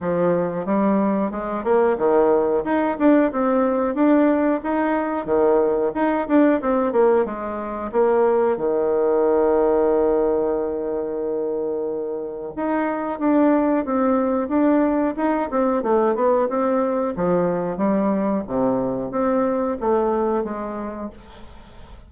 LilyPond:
\new Staff \with { instrumentName = "bassoon" } { \time 4/4 \tempo 4 = 91 f4 g4 gis8 ais8 dis4 | dis'8 d'8 c'4 d'4 dis'4 | dis4 dis'8 d'8 c'8 ais8 gis4 | ais4 dis2.~ |
dis2. dis'4 | d'4 c'4 d'4 dis'8 c'8 | a8 b8 c'4 f4 g4 | c4 c'4 a4 gis4 | }